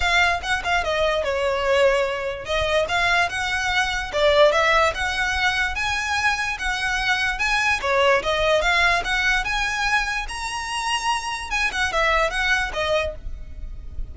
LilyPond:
\new Staff \with { instrumentName = "violin" } { \time 4/4 \tempo 4 = 146 f''4 fis''8 f''8 dis''4 cis''4~ | cis''2 dis''4 f''4 | fis''2 d''4 e''4 | fis''2 gis''2 |
fis''2 gis''4 cis''4 | dis''4 f''4 fis''4 gis''4~ | gis''4 ais''2. | gis''8 fis''8 e''4 fis''4 dis''4 | }